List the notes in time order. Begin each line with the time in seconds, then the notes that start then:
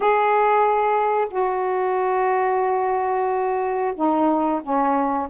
0.00 G#4
1.30 F#4
3.95 D#4
4.62 C#4